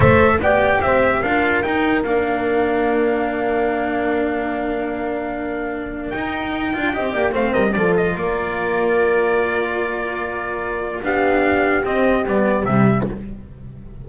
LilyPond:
<<
  \new Staff \with { instrumentName = "trumpet" } { \time 4/4 \tempo 4 = 147 e''4 g''4 e''4 f''4 | g''4 f''2.~ | f''1~ | f''2. g''4~ |
g''2 f''8 dis''8 d''8 dis''8 | d''1~ | d''2. f''4~ | f''4 dis''4 d''4 e''4 | }
  \new Staff \with { instrumentName = "horn" } { \time 4/4 c''4 d''4 c''4 ais'4~ | ais'1~ | ais'1~ | ais'1~ |
ais'4 dis''8 d''8 c''8 ais'8 a'4 | ais'1~ | ais'2. g'4~ | g'1 | }
  \new Staff \with { instrumentName = "cello" } { \time 4/4 a'4 g'2 f'4 | dis'4 d'2.~ | d'1~ | d'2. dis'4~ |
dis'8 f'8 g'4 c'4 f'4~ | f'1~ | f'2. d'4~ | d'4 c'4 b4 g4 | }
  \new Staff \with { instrumentName = "double bass" } { \time 4/4 a4 b4 c'4 d'4 | dis'4 ais2.~ | ais1~ | ais2. dis'4~ |
dis'8 d'8 c'8 ais8 a8 g8 f4 | ais1~ | ais2. b4~ | b4 c'4 g4 c4 | }
>>